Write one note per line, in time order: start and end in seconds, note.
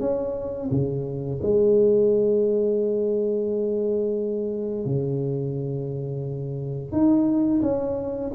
0.00 0.69 C#4
0.71 1.40 C#3
1.42 4.85 G#3
4.85 6.92 C#3
6.92 7.61 D#4
7.62 8.31 C#4